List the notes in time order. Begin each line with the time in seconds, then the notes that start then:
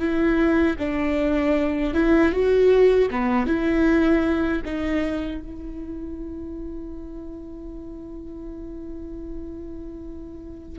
0.00 E4
0.79 D4
1.94 E4
2.33 F#4
3.11 B3
3.47 E4
4.66 D#4
5.42 E4